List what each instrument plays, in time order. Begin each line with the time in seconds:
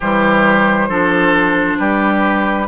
0.00 bassoon E3, clarinet G3, oboe G4, flute C5
0.88 bassoon F3, clarinet D4, oboe A4
1.78 bassoon G3, oboe G4, flute B4